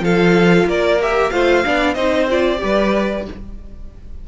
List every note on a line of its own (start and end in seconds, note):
0.00 0.65 F3
0.00 0.98 F4
0.00 0.68 A4
0.00 0.68 F5
0.65 1.30 A#3
0.65 1.33 A#4
0.65 1.01 D5
1.02 1.32 G4
1.02 1.30 E5
1.30 1.64 A3
1.30 1.64 F4
1.30 1.65 C5
1.30 1.94 F5
1.64 1.95 B3
1.64 1.96 D4
1.64 1.94 D5
1.94 2.59 C4
1.94 2.28 D#4
1.94 2.59 C5
1.94 2.26 D#5
2.29 2.57 F4
2.29 3.28 D5
2.57 3.27 G3
2.57 3.22 G4
2.57 3.27 B4